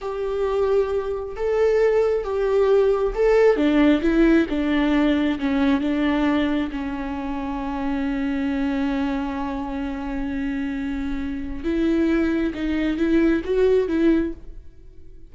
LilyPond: \new Staff \with { instrumentName = "viola" } { \time 4/4 \tempo 4 = 134 g'2. a'4~ | a'4 g'2 a'4 | d'4 e'4 d'2 | cis'4 d'2 cis'4~ |
cis'1~ | cis'1~ | cis'2 e'2 | dis'4 e'4 fis'4 e'4 | }